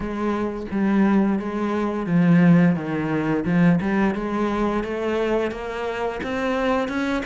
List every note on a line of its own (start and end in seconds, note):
0.00 0.66 G#3
0.71 1.39 G3
1.39 2.06 G#3
2.06 2.75 F3
2.75 3.44 D#3
3.45 3.79 F3
3.81 4.14 G3
4.14 4.83 G#3
4.83 5.51 A3
5.51 6.20 A#3
6.23 6.88 C4
6.88 7.22 C#4